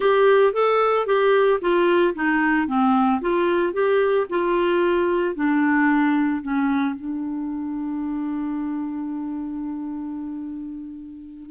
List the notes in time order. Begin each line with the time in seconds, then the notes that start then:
0.00 G4
0.53 A4
1.06 G4
1.61 F4
2.14 D#4
2.67 C4
3.21 F4
3.73 G4
4.29 F4
5.35 D4
6.42 C#4
6.95 D4